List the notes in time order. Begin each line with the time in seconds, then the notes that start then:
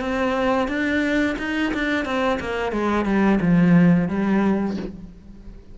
0.00 C4
0.68 D4
1.39 D#4
1.74 D4
2.05 C4
2.40 A#3
2.72 G#3
3.05 G3
3.41 F3
4.08 G3